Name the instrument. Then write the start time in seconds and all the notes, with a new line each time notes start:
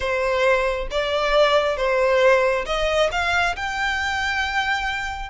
violin
0.00 C5
0.90 D5
1.76 C5
2.66 D#5
3.11 F5
3.56 G5